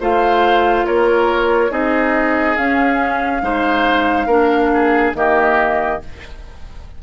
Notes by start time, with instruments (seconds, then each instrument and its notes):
0.00 bassoon A3, clarinet F4, oboe C5, flute F5
0.86 bassoon A#3, oboe A#4, flute C#5
1.70 bassoon C4, clarinet D#4, oboe G#4, flute D#5
2.56 bassoon C#4, clarinet C#4, flute F5
3.42 bassoon G#3, clarinet D#4, oboe C5
4.26 bassoon A#3, clarinet D4, oboe A#4
4.73 oboe G#4
5.14 bassoon D#3, clarinet A#3, oboe G4, flute D#5